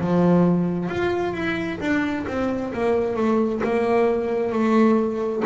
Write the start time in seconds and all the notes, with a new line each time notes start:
0.00 F3
0.89 F4
1.33 E4
1.80 D4
2.27 C4
2.73 A#3
3.16 A3
3.64 A#3
4.52 A3